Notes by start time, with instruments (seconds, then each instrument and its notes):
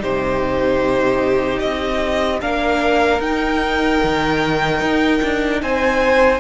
0.00 cello C3, viola D#4, violin G4 C5
1.60 cello C4, violin D#5
2.41 cello A#3, viola D4, violin A#4 F5
3.20 cello D#4, viola D#4, violin G5
4.04 cello D#3
4.82 cello D#4
5.23 cello D4
5.62 cello C4, violin C5 G#5